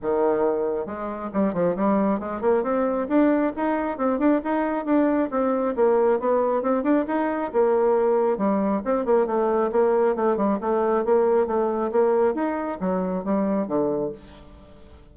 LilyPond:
\new Staff \with { instrumentName = "bassoon" } { \time 4/4 \tempo 4 = 136 dis2 gis4 g8 f8 | g4 gis8 ais8 c'4 d'4 | dis'4 c'8 d'8 dis'4 d'4 | c'4 ais4 b4 c'8 d'8 |
dis'4 ais2 g4 | c'8 ais8 a4 ais4 a8 g8 | a4 ais4 a4 ais4 | dis'4 fis4 g4 d4 | }